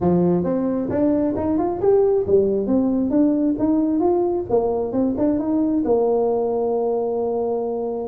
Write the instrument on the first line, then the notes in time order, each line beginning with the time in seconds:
tuba
0.01 F3
0.44 C4
0.90 D4
1.36 D#4
1.58 F4
1.81 G4
2.26 G3
2.66 C4
3.10 D4
3.58 D#4
4.00 F4
4.49 A#3
4.92 C4
5.17 D4
5.39 D#4
5.84 A#3